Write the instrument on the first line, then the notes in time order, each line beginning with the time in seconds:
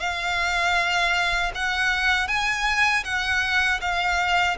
violin
0.00 F5
1.55 F#5
2.28 G#5
3.04 F#5
3.81 F5